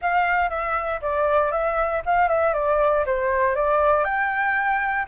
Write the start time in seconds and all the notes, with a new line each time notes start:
0.01 F5
0.49 E5
1.01 D5
1.51 E5
2.05 F5
2.28 E5
2.53 D5
3.06 C5
3.55 D5
4.04 G5